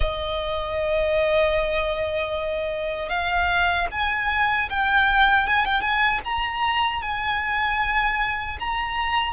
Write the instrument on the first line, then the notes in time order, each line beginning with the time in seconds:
violin
0.00 D#5
3.09 F5
3.91 G#5
4.69 G5
5.47 G#5
5.65 G5
5.81 G#5
6.24 A#5
7.02 G#5
8.59 A#5